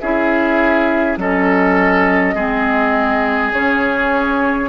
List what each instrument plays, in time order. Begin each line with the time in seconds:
0.00 bassoon C#4, clarinet E4, oboe G#4, flute E5
1.17 bassoon F#3, clarinet C#4, oboe A4, flute D#5
2.34 bassoon G#3, clarinet C4, oboe G#4
3.52 bassoon C#3, clarinet C#4, flute C#5